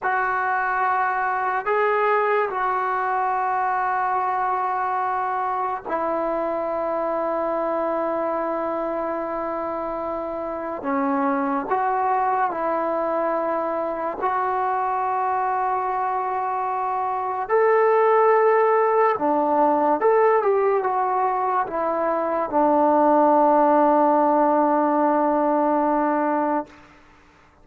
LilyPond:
\new Staff \with { instrumentName = "trombone" } { \time 4/4 \tempo 4 = 72 fis'2 gis'4 fis'4~ | fis'2. e'4~ | e'1~ | e'4 cis'4 fis'4 e'4~ |
e'4 fis'2.~ | fis'4 a'2 d'4 | a'8 g'8 fis'4 e'4 d'4~ | d'1 | }